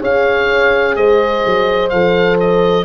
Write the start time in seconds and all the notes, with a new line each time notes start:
0.00 C#4 G#4 C#5 F5
0.96 G#3 C5 D#5
1.46 F#3
1.89 F3 A4 F5
2.40 D#5